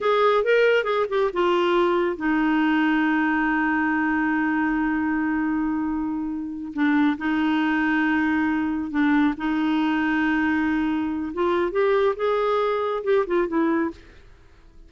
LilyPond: \new Staff \with { instrumentName = "clarinet" } { \time 4/4 \tempo 4 = 138 gis'4 ais'4 gis'8 g'8 f'4~ | f'4 dis'2.~ | dis'1~ | dis'2.~ dis'8 d'8~ |
d'8 dis'2.~ dis'8~ | dis'8 d'4 dis'2~ dis'8~ | dis'2 f'4 g'4 | gis'2 g'8 f'8 e'4 | }